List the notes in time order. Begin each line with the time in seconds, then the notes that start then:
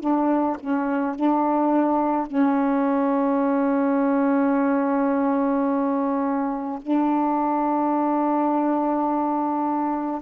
0.00 D4
0.60 C#4
1.15 D4
2.26 C#4
6.82 D4